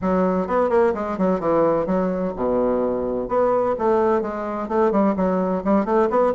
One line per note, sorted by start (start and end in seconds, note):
0.01 0.47 F#3
0.47 0.69 B3
0.69 0.93 A#3
0.94 1.17 G#3
1.18 1.40 F#3
1.40 1.86 E3
1.86 2.33 F#3
2.35 3.28 B2
3.28 3.75 B3
3.78 4.21 A3
4.21 4.68 G#3
4.68 4.91 A3
4.91 5.15 G3
5.16 5.63 F#3
5.64 5.85 G3
5.85 6.08 A3
6.09 6.33 B3